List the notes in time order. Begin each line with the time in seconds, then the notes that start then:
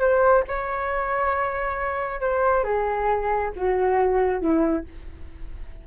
0.00 C5
0.48 C#5
2.21 C5
2.64 G#4
3.56 F#4
4.41 E4